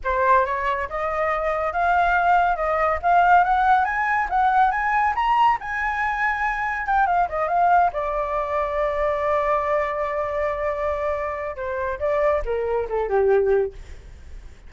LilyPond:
\new Staff \with { instrumentName = "flute" } { \time 4/4 \tempo 4 = 140 c''4 cis''4 dis''2 | f''2 dis''4 f''4 | fis''4 gis''4 fis''4 gis''4 | ais''4 gis''2. |
g''8 f''8 dis''8 f''4 d''4.~ | d''1~ | d''2. c''4 | d''4 ais'4 a'8 g'4. | }